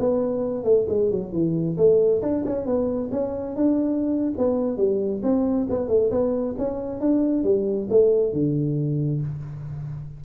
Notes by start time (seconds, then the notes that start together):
0.00 B3
0.64 A3
0.89 G#3
1.11 F#3
1.33 E3
1.78 A3
2.22 D4
2.46 C#4
2.66 B3
3.12 C#4
3.56 D4
4.38 B3
4.78 G3
5.23 C4
5.70 B3
5.88 A3
6.11 B3
6.58 C#4
7.01 D4
7.44 G3
7.91 A3
8.33 D3